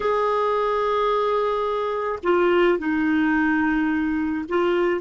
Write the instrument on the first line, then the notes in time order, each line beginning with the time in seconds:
clarinet
0.00 G#4
2.23 F4
2.78 D#4
4.48 F4